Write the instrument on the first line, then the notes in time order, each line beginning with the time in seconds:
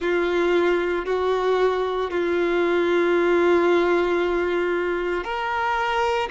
violin
0.00 F4
1.05 F#4
2.11 F4
5.23 A#4